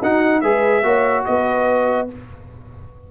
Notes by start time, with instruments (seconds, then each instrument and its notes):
0.00 tuba D#4, trombone D#4, horn F#4, trumpet F#5
0.41 tuba G#3, trombone G#4, horn B4, trumpet E5
0.83 tuba A#3, trombone F#4, horn C#5
1.25 tuba B3, horn B4, trumpet D#5